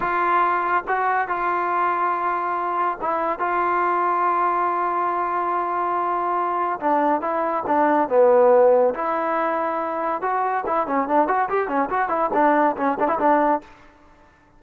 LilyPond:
\new Staff \with { instrumentName = "trombone" } { \time 4/4 \tempo 4 = 141 f'2 fis'4 f'4~ | f'2. e'4 | f'1~ | f'1 |
d'4 e'4 d'4 b4~ | b4 e'2. | fis'4 e'8 cis'8 d'8 fis'8 g'8 cis'8 | fis'8 e'8 d'4 cis'8 d'16 e'16 d'4 | }